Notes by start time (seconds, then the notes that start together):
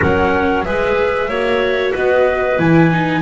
0.00 F#3 C#4 A#4 F#5
0.63 G#3 G#4 B4 E5
1.28 A#3 F#4 C#5
1.92 B3 B4 D#5
2.58 E3 E4 G#5
2.91 D#4